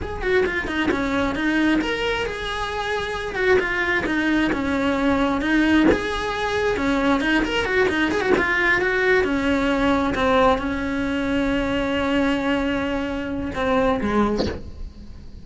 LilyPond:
\new Staff \with { instrumentName = "cello" } { \time 4/4 \tempo 4 = 133 gis'8 fis'8 f'8 dis'8 cis'4 dis'4 | ais'4 gis'2~ gis'8 fis'8 | f'4 dis'4 cis'2 | dis'4 gis'2 cis'4 |
dis'8 ais'8 fis'8 dis'8 gis'16 fis'16 f'4 fis'8~ | fis'8 cis'2 c'4 cis'8~ | cis'1~ | cis'2 c'4 gis4 | }